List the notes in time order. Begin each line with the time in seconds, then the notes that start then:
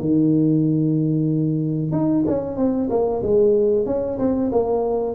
0.00 D#3
1.92 D#4
2.27 C#4
2.57 C4
2.90 A#3
3.23 G#3
3.86 C#4
4.18 C4
4.52 A#3